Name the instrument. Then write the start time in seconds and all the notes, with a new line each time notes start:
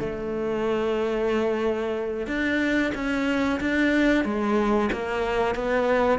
cello
0.00 A3
2.27 D4
2.94 C#4
3.60 D4
4.25 G#3
4.92 A#3
5.55 B3